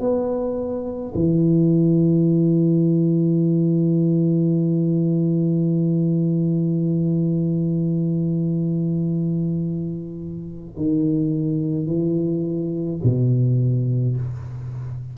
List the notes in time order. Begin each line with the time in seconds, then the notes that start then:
0.00 B3
1.15 E3
10.77 D#3
11.87 E3
13.03 B2